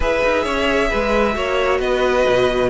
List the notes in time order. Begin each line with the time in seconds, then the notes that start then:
0.00 E4 G#4 B4 E5
0.23 D#4
0.43 C#4 C#5
0.90 G#3 B4
1.33 A#3 F#4 C#5
1.79 B3 B4 D#5
2.28 B2